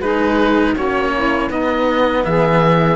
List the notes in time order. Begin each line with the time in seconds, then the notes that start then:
0.00 G#3 D#4 G#4 B4
0.74 A#3 C#4 F#4 C#5
1.16 E4
1.49 B3 D#4 D#5
2.24 E3 G#4 E5